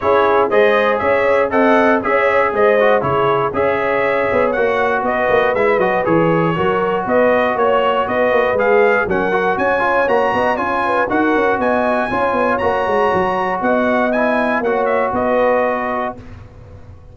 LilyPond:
<<
  \new Staff \with { instrumentName = "trumpet" } { \time 4/4 \tempo 4 = 119 cis''4 dis''4 e''4 fis''4 | e''4 dis''4 cis''4 e''4~ | e''4 fis''4 dis''4 e''8 dis''8 | cis''2 dis''4 cis''4 |
dis''4 f''4 fis''4 gis''4 | ais''4 gis''4 fis''4 gis''4~ | gis''4 ais''2 fis''4 | gis''4 fis''8 e''8 dis''2 | }
  \new Staff \with { instrumentName = "horn" } { \time 4/4 gis'4 c''4 cis''4 dis''4 | cis''4 c''4 gis'4 cis''4~ | cis''2 b'2~ | b'4 ais'4 b'4 cis''4 |
b'2 ais'4 cis''4~ | cis''8 dis''8 cis''8 b'8 ais'4 dis''4 | cis''2. dis''4~ | dis''4 cis''4 b'2 | }
  \new Staff \with { instrumentName = "trombone" } { \time 4/4 e'4 gis'2 a'4 | gis'4. fis'8 e'4 gis'4~ | gis'4 fis'2 e'8 fis'8 | gis'4 fis'2.~ |
fis'4 gis'4 cis'8 fis'4 f'8 | fis'4 f'4 fis'2 | f'4 fis'2. | e'4 fis'2. | }
  \new Staff \with { instrumentName = "tuba" } { \time 4/4 cis'4 gis4 cis'4 c'4 | cis'4 gis4 cis4 cis'4~ | cis'8 b8 ais4 b8 ais8 gis8 fis8 | e4 fis4 b4 ais4 |
b8 ais8 gis4 fis4 cis'4 | ais8 b8 cis'4 dis'8 cis'8 b4 | cis'8 b8 ais8 gis8 fis4 b4~ | b4 ais4 b2 | }
>>